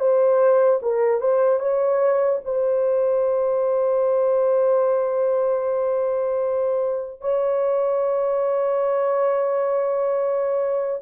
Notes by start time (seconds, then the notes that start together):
0.00 C5
0.83 A#4
1.21 C5
1.60 C#5
2.45 C5
7.21 C#5